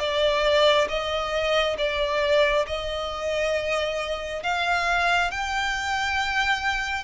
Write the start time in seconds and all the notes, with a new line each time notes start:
0.00 D5
0.89 D#5
1.78 D5
2.67 D#5
4.44 F5
5.31 G5